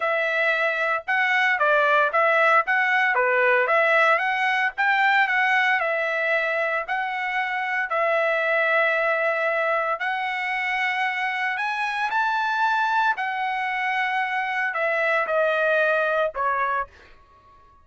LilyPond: \new Staff \with { instrumentName = "trumpet" } { \time 4/4 \tempo 4 = 114 e''2 fis''4 d''4 | e''4 fis''4 b'4 e''4 | fis''4 g''4 fis''4 e''4~ | e''4 fis''2 e''4~ |
e''2. fis''4~ | fis''2 gis''4 a''4~ | a''4 fis''2. | e''4 dis''2 cis''4 | }